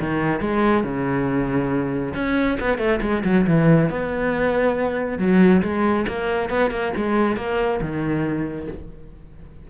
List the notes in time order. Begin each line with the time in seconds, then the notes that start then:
0.00 D#3
0.40 G#3
0.84 C#3
2.14 C#4
2.60 B3
2.78 A3
3.01 G#3
3.24 F#3
3.47 E3
3.90 B3
5.18 F#3
5.62 G#3
6.08 A#3
6.49 B3
6.71 A#3
6.96 G#3
7.36 A#3
7.81 D#3